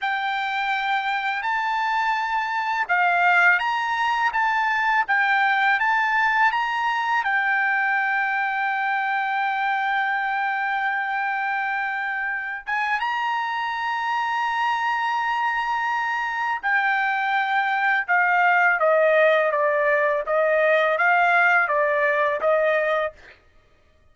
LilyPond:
\new Staff \with { instrumentName = "trumpet" } { \time 4/4 \tempo 4 = 83 g''2 a''2 | f''4 ais''4 a''4 g''4 | a''4 ais''4 g''2~ | g''1~ |
g''4. gis''8 ais''2~ | ais''2. g''4~ | g''4 f''4 dis''4 d''4 | dis''4 f''4 d''4 dis''4 | }